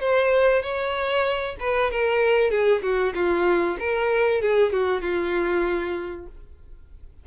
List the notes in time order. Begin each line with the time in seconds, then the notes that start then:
0.00 C5
0.62 C#5
1.60 B4
1.91 A#4
2.50 G#4
2.82 F#4
3.14 F4
3.79 A#4
4.41 G#4
4.72 F#4
5.01 F4